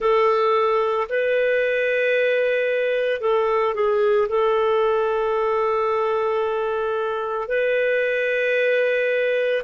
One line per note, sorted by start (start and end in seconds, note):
0.00 1.07 A4
1.09 3.20 B4
3.20 3.74 A4
3.74 4.28 G#4
4.29 7.48 A4
7.48 9.62 B4